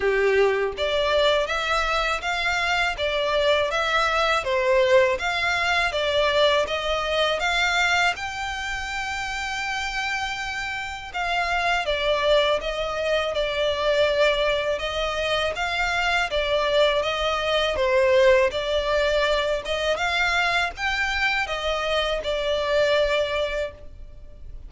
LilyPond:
\new Staff \with { instrumentName = "violin" } { \time 4/4 \tempo 4 = 81 g'4 d''4 e''4 f''4 | d''4 e''4 c''4 f''4 | d''4 dis''4 f''4 g''4~ | g''2. f''4 |
d''4 dis''4 d''2 | dis''4 f''4 d''4 dis''4 | c''4 d''4. dis''8 f''4 | g''4 dis''4 d''2 | }